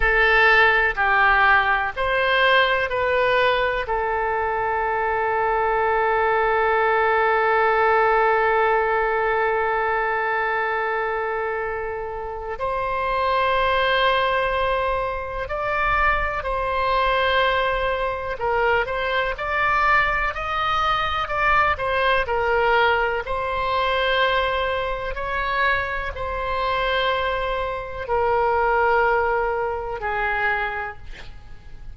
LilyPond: \new Staff \with { instrumentName = "oboe" } { \time 4/4 \tempo 4 = 62 a'4 g'4 c''4 b'4 | a'1~ | a'1~ | a'4 c''2. |
d''4 c''2 ais'8 c''8 | d''4 dis''4 d''8 c''8 ais'4 | c''2 cis''4 c''4~ | c''4 ais'2 gis'4 | }